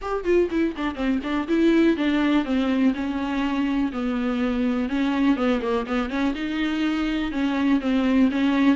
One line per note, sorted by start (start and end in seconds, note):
0.01 0.24 G4
0.24 0.48 F4
0.51 0.75 E4
0.76 0.95 D4
0.95 1.19 C4
1.23 1.47 D4
1.47 1.96 E4
1.96 2.44 D4
2.44 2.93 C4
2.94 3.92 C#4
3.92 4.89 B3
4.89 5.36 C#4
5.36 5.61 B3
5.61 5.86 A#3
5.86 6.09 B3
6.09 6.33 C#4
6.35 7.31 D#4
7.31 7.80 C#4
7.80 8.29 C4
8.31 8.75 C#4